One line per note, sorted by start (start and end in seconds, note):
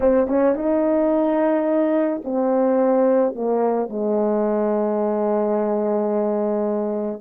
0.00 0.27 C4
0.27 0.55 C#4
0.55 2.21 D#4
2.24 3.34 C4
3.34 3.89 A#3
3.89 7.20 G#3